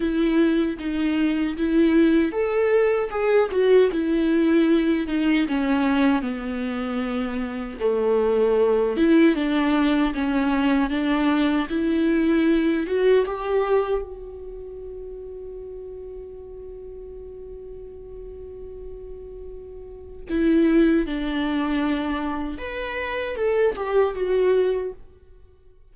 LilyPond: \new Staff \with { instrumentName = "viola" } { \time 4/4 \tempo 4 = 77 e'4 dis'4 e'4 a'4 | gis'8 fis'8 e'4. dis'8 cis'4 | b2 a4. e'8 | d'4 cis'4 d'4 e'4~ |
e'8 fis'8 g'4 fis'2~ | fis'1~ | fis'2 e'4 d'4~ | d'4 b'4 a'8 g'8 fis'4 | }